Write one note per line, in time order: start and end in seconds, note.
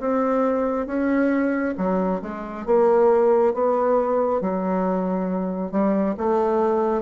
0.00 0.87 C4
0.87 1.75 C#4
1.78 2.22 F#3
2.22 2.66 G#3
2.66 3.54 A#3
3.54 4.41 B3
4.41 5.72 F#3
5.72 6.16 G3
6.18 7.02 A3